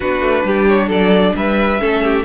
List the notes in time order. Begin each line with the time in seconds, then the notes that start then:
0.00 B3 D4 F#4 B4
0.21 A3
0.44 G3 G4
0.67 C#5
0.87 F#3 A4 D5
1.35 G3 B4 E5
1.79 A3 C#4 A4
2.03 G4